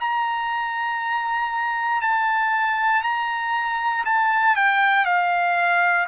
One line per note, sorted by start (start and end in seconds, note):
0.00 2.01 A#5
2.01 3.03 A5
3.03 4.04 A#5
4.05 4.56 A5
4.56 5.05 G5
5.05 6.06 F5